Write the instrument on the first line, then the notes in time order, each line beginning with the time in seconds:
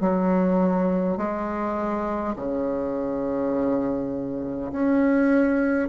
bassoon
0.00 F#3
1.17 G#3
2.36 C#3
4.72 C#4